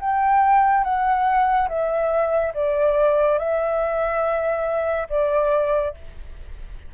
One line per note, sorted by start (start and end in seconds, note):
0.00 0.84 G5
0.84 1.68 F#5
1.69 2.53 E5
2.54 3.38 D5
3.38 5.07 E5
5.09 5.94 D5